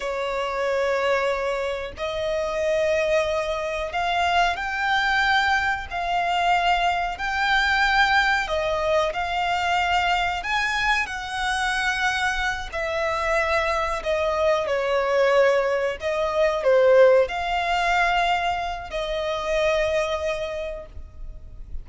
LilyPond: \new Staff \with { instrumentName = "violin" } { \time 4/4 \tempo 4 = 92 cis''2. dis''4~ | dis''2 f''4 g''4~ | g''4 f''2 g''4~ | g''4 dis''4 f''2 |
gis''4 fis''2~ fis''8 e''8~ | e''4. dis''4 cis''4.~ | cis''8 dis''4 c''4 f''4.~ | f''4 dis''2. | }